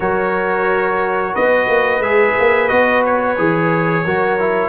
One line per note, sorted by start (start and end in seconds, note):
0.00 1.33 F#3
0.00 2.02 F#4
0.00 1.33 A#4
0.00 1.35 C#5
1.33 1.67 B3
1.33 4.03 B4
1.33 2.02 D#5
1.67 1.99 A#3
1.99 2.33 G#3
1.99 2.69 G#4
1.99 2.68 E5
2.39 2.71 A#3
2.68 3.38 B3
2.68 3.36 F#4
2.68 3.02 D#5
3.05 4.69 C#5
3.38 4.05 E3
3.38 4.05 G#4
4.04 4.69 F#3
4.04 4.39 F#4
4.04 4.69 A#4
4.39 4.69 E4